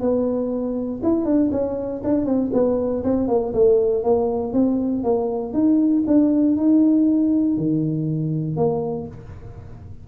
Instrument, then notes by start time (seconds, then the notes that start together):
tuba
0.00 B3
1.03 E4
1.25 D4
1.51 C#4
2.04 D4
2.25 C4
2.53 B3
3.04 C4
3.28 A#3
3.53 A3
4.03 A#3
4.53 C4
5.03 A#3
5.53 D#4
6.07 D4
6.56 D#4
7.57 D#3
8.56 A#3